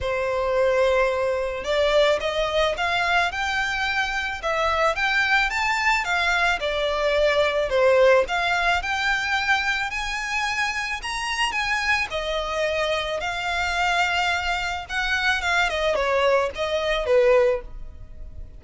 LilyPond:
\new Staff \with { instrumentName = "violin" } { \time 4/4 \tempo 4 = 109 c''2. d''4 | dis''4 f''4 g''2 | e''4 g''4 a''4 f''4 | d''2 c''4 f''4 |
g''2 gis''2 | ais''4 gis''4 dis''2 | f''2. fis''4 | f''8 dis''8 cis''4 dis''4 b'4 | }